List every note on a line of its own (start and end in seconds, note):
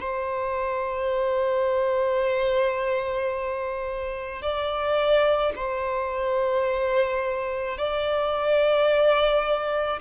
0.00 4.42 C5
4.42 5.53 D5
5.56 7.78 C5
7.78 10.00 D5